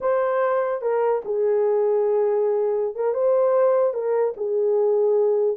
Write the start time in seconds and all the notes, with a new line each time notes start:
0.01 C5
0.81 A#4
1.24 G#4
2.95 A#4
3.13 C5
3.93 A#4
4.36 G#4